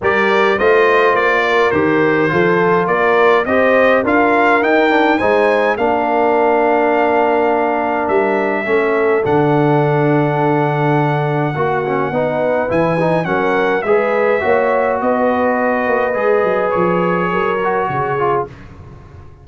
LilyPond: <<
  \new Staff \with { instrumentName = "trumpet" } { \time 4/4 \tempo 4 = 104 d''4 dis''4 d''4 c''4~ | c''4 d''4 dis''4 f''4 | g''4 gis''4 f''2~ | f''2 e''2 |
fis''1~ | fis''2 gis''4 fis''4 | e''2 dis''2~ | dis''4 cis''2. | }
  \new Staff \with { instrumentName = "horn" } { \time 4/4 ais'4 c''4. ais'4. | a'4 ais'4 c''4 ais'4~ | ais'4 c''4 ais'2~ | ais'2. a'4~ |
a'1 | fis'4 b'2 ais'4 | b'4 cis''4 b'2~ | b'2 ais'4 gis'4 | }
  \new Staff \with { instrumentName = "trombone" } { \time 4/4 g'4 f'2 g'4 | f'2 g'4 f'4 | dis'8 d'8 dis'4 d'2~ | d'2. cis'4 |
d'1 | fis'8 cis'8 dis'4 e'8 dis'8 cis'4 | gis'4 fis'2. | gis'2~ gis'8 fis'4 f'8 | }
  \new Staff \with { instrumentName = "tuba" } { \time 4/4 g4 a4 ais4 dis4 | f4 ais4 c'4 d'4 | dis'4 gis4 ais2~ | ais2 g4 a4 |
d1 | ais4 b4 e4 fis4 | gis4 ais4 b4. ais8 | gis8 fis8 f4 fis4 cis4 | }
>>